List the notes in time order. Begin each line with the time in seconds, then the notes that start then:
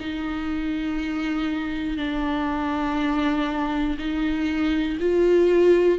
0.00 D#4
1.97 D4
3.98 D#4
5.00 F4